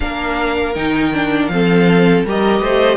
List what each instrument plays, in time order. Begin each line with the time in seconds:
0.00 cello A#3, viola D4, violin A#4 F5
0.74 cello D#3, viola D#4, violin G5
1.13 viola D4
1.47 cello F3, viola C4, violin A4 F5
2.25 cello G3, viola G4, violin A#4 D#5
2.60 cello A3, violin C5